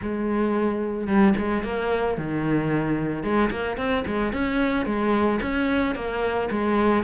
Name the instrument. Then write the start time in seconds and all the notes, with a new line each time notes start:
cello
0.02 G#3
1.07 G3
1.37 G#3
1.63 A#3
2.17 D#3
3.23 G#3
3.51 A#3
3.77 C4
4.06 G#3
4.32 C#4
4.85 G#3
5.41 C#4
5.95 A#3
6.50 G#3